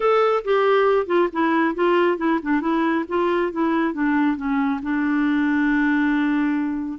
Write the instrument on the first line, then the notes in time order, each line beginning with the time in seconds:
clarinet
0.00 A4
0.44 G4
1.06 F4
1.32 E4
1.74 F4
2.17 E4
2.42 D4
2.61 E4
3.08 F4
3.52 E4
3.93 D4
4.36 C#4
4.82 D4